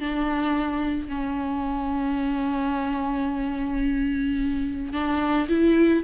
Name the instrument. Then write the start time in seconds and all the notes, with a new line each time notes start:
viola
0.00 D4
1.08 C#4
4.92 D4
5.48 E4